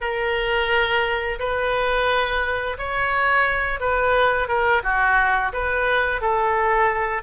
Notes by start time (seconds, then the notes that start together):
0.01 A#4
1.39 B4
2.77 C#5
3.80 B4
4.47 A#4
4.83 F#4
5.52 B4
6.21 A4